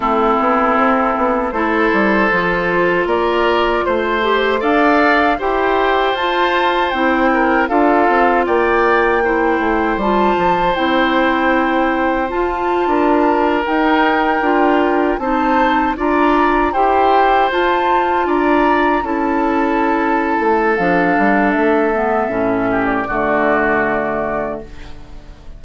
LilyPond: <<
  \new Staff \with { instrumentName = "flute" } { \time 4/4 \tempo 4 = 78 a'2 c''2 | d''4 c''4 f''4 g''4 | a''4 g''4 f''4 g''4~ | g''4 a''4 g''2 |
a''4.~ a''16 g''2 a''16~ | a''8. ais''4 g''4 a''4 ais''16~ | ais''8. a''2~ a''16 f''4 | e''4.~ e''16 d''2~ d''16 | }
  \new Staff \with { instrumentName = "oboe" } { \time 4/4 e'2 a'2 | ais'4 c''4 d''4 c''4~ | c''4. ais'8 a'4 d''4 | c''1~ |
c''8. ais'2. c''16~ | c''8. d''4 c''2 d''16~ | d''8. a'2.~ a'16~ | a'4. g'8 fis'2 | }
  \new Staff \with { instrumentName = "clarinet" } { \time 4/4 c'2 e'4 f'4~ | f'4. g'8 a'4 g'4 | f'4 e'4 f'2 | e'4 f'4 e'2 |
f'4.~ f'16 dis'4 f'4 dis'16~ | dis'8. f'4 g'4 f'4~ f'16~ | f'8. e'2~ e'16 d'4~ | d'8 b8 cis'4 a2 | }
  \new Staff \with { instrumentName = "bassoon" } { \time 4/4 a8 b8 c'8 b8 a8 g8 f4 | ais4 a4 d'4 e'4 | f'4 c'4 d'8 c'8 ais4~ | ais8 a8 g8 f8 c'2 |
f'8. d'4 dis'4 d'4 c'16~ | c'8. d'4 e'4 f'4 d'16~ | d'8. cis'4.~ cis'16 a8 f8 g8 | a4 a,4 d2 | }
>>